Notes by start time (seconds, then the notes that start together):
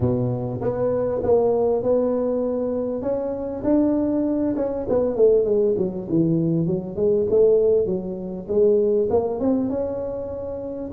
0.00 B2
0.61 B3
1.23 A#3
1.82 B3
3.02 C#4
3.64 D4
4.56 C#4
4.88 B3
5.15 A3
5.44 G#3
5.77 F#3
6.09 E3
6.66 F#3
6.96 G#3
7.30 A3
7.86 F#3
8.47 G#3
9.10 A#3
9.39 C4
9.69 C#4